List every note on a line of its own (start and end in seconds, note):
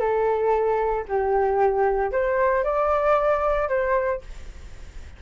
0.00 1.05 A4
1.08 2.12 G4
2.12 2.64 C5
2.64 3.69 D5
3.69 4.22 C5